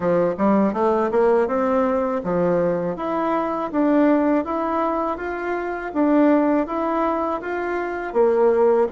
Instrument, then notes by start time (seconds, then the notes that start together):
bassoon
0.00 F3
0.37 G3
0.73 A3
1.11 A#3
1.47 C4
2.23 F3
2.96 E4
3.71 D4
4.44 E4
5.17 F4
5.93 D4
6.66 E4
7.41 F4
8.13 A#3